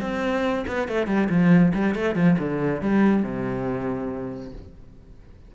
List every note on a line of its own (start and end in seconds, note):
0.00 0.65 C4
0.67 0.88 B3
0.88 1.07 A3
1.07 1.28 G3
1.29 1.72 F3
1.74 1.95 G3
1.95 2.15 A3
2.15 2.37 F3
2.39 2.81 D3
2.81 3.23 G3
3.23 4.52 C3